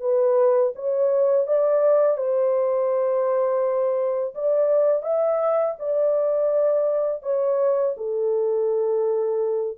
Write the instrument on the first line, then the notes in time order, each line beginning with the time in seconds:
horn
0.00 B4
0.75 C#5
1.47 D5
2.17 C5
4.34 D5
5.02 E5
5.79 D5
7.22 C#5
7.97 A4